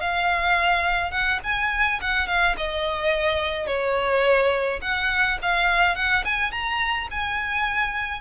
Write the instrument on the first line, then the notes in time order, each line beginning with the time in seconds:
violin
0.00 F5
1.11 F#5
1.43 G#5
2.01 F#5
2.27 F5
2.57 D#5
3.67 C#5
4.81 F#5
5.42 F5
5.95 F#5
6.25 G#5
6.51 A#5
7.11 G#5